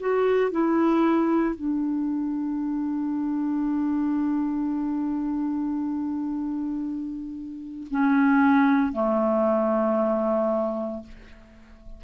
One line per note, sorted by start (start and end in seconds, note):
0.00 0.52 F#4
0.52 1.56 E4
1.56 7.88 D4
7.91 8.93 C#4
8.93 11.04 A3